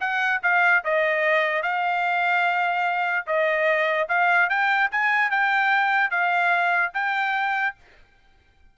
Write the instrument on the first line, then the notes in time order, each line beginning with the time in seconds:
trumpet
0.00 F#5
0.43 F5
0.84 D#5
1.63 F5
3.27 D#5
4.09 F5
4.49 G5
4.91 G#5
5.31 G5
6.11 F5
6.94 G5